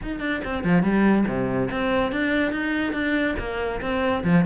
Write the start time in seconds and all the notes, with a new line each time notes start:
0.02 D#4
0.19 D4
0.44 C4
0.64 F3
0.82 G3
1.27 C3
1.71 C4
2.12 D4
2.51 D#4
2.93 D4
3.38 A#3
3.81 C4
4.23 F3